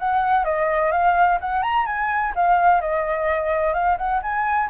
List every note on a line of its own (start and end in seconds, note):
0.00 0.45 F#5
0.45 0.92 D#5
0.92 1.39 F5
1.41 1.63 F#5
1.63 1.87 A#5
1.87 2.34 G#5
2.36 2.81 F5
2.81 3.74 D#5
3.74 3.98 F5
3.98 4.22 F#5
4.23 4.70 G#5